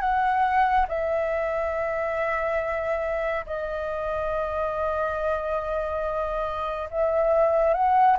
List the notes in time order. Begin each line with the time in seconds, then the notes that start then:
0.00 F#5
0.88 E5
3.46 D#5
6.90 E5
7.73 F#5